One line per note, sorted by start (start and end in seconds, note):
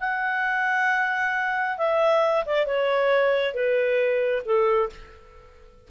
0.00 1.78 F#5
1.78 2.44 E5
2.46 2.66 D5
2.66 3.54 C#5
3.54 4.43 B4
4.45 4.90 A4